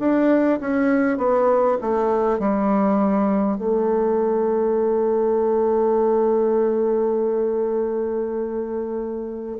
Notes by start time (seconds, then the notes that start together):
0.00 D4
0.61 C#4
1.18 B3
1.82 A3
2.40 G3
3.59 A3